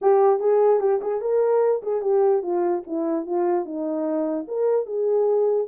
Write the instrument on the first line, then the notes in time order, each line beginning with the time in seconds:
horn
0.01 G4
0.39 G#4
0.80 G4
1.01 G#4
1.21 A#4
1.82 G#4
2.01 G4
2.42 F4
2.86 E4
3.25 F4
3.65 D#4
4.47 A#4
4.86 G#4